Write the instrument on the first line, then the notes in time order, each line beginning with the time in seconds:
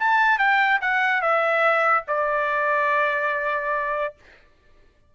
trumpet
0.00 A5
0.39 G5
0.81 F#5
1.22 E5
2.08 D5